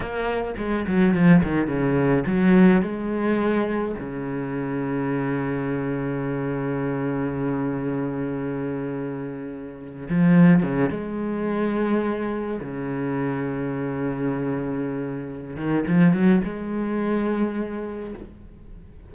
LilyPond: \new Staff \with { instrumentName = "cello" } { \time 4/4 \tempo 4 = 106 ais4 gis8 fis8 f8 dis8 cis4 | fis4 gis2 cis4~ | cis1~ | cis1~ |
cis4.~ cis16 f4 cis8 gis8.~ | gis2~ gis16 cis4.~ cis16~ | cis2.~ cis8 dis8 | f8 fis8 gis2. | }